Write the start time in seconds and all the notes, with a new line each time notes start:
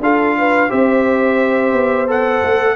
0.00 D4 F4 A4 F5
0.38 B4
0.69 C4 G4 C5 E5
1.73 B3
2.07 A4 F#5
2.43 A3